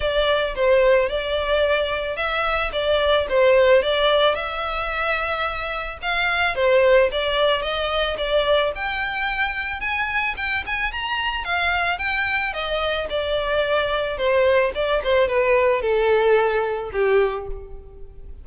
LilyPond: \new Staff \with { instrumentName = "violin" } { \time 4/4 \tempo 4 = 110 d''4 c''4 d''2 | e''4 d''4 c''4 d''4 | e''2. f''4 | c''4 d''4 dis''4 d''4 |
g''2 gis''4 g''8 gis''8 | ais''4 f''4 g''4 dis''4 | d''2 c''4 d''8 c''8 | b'4 a'2 g'4 | }